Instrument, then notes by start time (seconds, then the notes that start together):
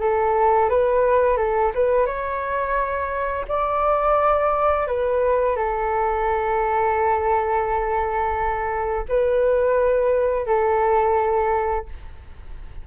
flute
0.00 A4
0.69 B4
1.37 A4
1.74 B4
2.06 C#5
3.48 D5
4.86 B4
5.56 A4
9.09 B4
10.46 A4